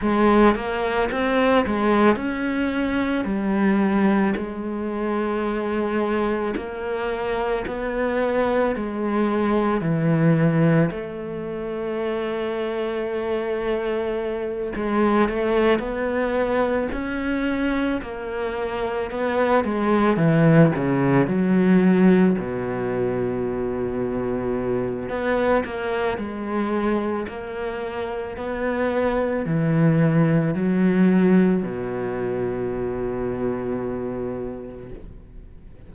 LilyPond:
\new Staff \with { instrumentName = "cello" } { \time 4/4 \tempo 4 = 55 gis8 ais8 c'8 gis8 cis'4 g4 | gis2 ais4 b4 | gis4 e4 a2~ | a4. gis8 a8 b4 cis'8~ |
cis'8 ais4 b8 gis8 e8 cis8 fis8~ | fis8 b,2~ b,8 b8 ais8 | gis4 ais4 b4 e4 | fis4 b,2. | }